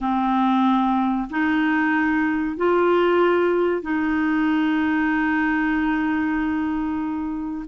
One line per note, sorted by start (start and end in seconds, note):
0.00 1.28 C4
1.29 2.56 D#4
2.56 3.82 F4
3.82 7.65 D#4